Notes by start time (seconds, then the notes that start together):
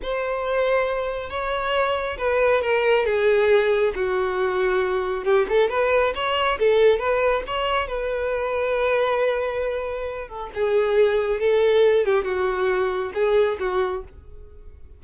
0.02 C5
1.29 C#5
2.18 B4
2.61 A#4
3.05 G#4
3.95 F#4
5.24 G4
5.48 A4
5.69 B4
6.14 C#5
6.59 A4
6.99 B4
7.46 C#5
7.87 B4
10.28 A4
10.54 G#4
11.39 A4
12.05 G4
12.24 F#4
13.14 G#4
13.59 F#4